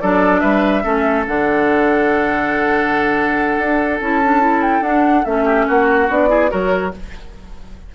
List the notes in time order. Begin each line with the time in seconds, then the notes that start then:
0.00 F#3 D4 A4 D5
0.40 G3 B4 E5
0.83 A3 C#4 A4
1.27 D3 D4 F#5
3.58 D4
4.00 C#4 E4 A5
4.24 D4
4.40 E4
4.62 G5
4.81 D4 F#5
5.25 A3 C#4 E5
5.44 G4
5.67 A#3 F#4 F#5
6.09 B3 D4 D5
6.28 E4 G#4
6.49 F#3 F#4 A#4 C#5